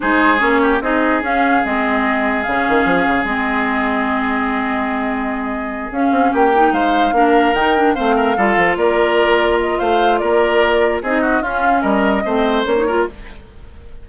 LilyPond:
<<
  \new Staff \with { instrumentName = "flute" } { \time 4/4 \tempo 4 = 147 c''4 cis''4 dis''4 f''4 | dis''2 f''2 | dis''1~ | dis''2~ dis''8 f''4 g''8~ |
g''8 f''2 g''4 f''8~ | f''4. d''2 dis''8 | f''4 d''2 dis''4 | f''4 dis''2 cis''4 | }
  \new Staff \with { instrumentName = "oboe" } { \time 4/4 gis'4. g'8 gis'2~ | gis'1~ | gis'1~ | gis'2.~ gis'8 g'8~ |
g'8 c''4 ais'2 c''8 | ais'8 a'4 ais'2~ ais'8 | c''4 ais'2 gis'8 fis'8 | f'4 ais'4 c''4. ais'8 | }
  \new Staff \with { instrumentName = "clarinet" } { \time 4/4 dis'4 cis'4 dis'4 cis'4 | c'2 cis'2 | c'1~ | c'2~ c'8 cis'4. |
dis'4. d'4 dis'8 d'8 c'8~ | c'8 f'2.~ f'8~ | f'2. dis'4 | cis'2 c'4 cis'16 dis'16 f'8 | }
  \new Staff \with { instrumentName = "bassoon" } { \time 4/4 gis4 ais4 c'4 cis'4 | gis2 cis8 dis8 f8 cis8 | gis1~ | gis2~ gis8 cis'8 c'8 ais8~ |
ais8 gis4 ais4 dis4 a8~ | a8 g8 f8 ais2~ ais8 | a4 ais2 c'4 | cis'4 g4 a4 ais4 | }
>>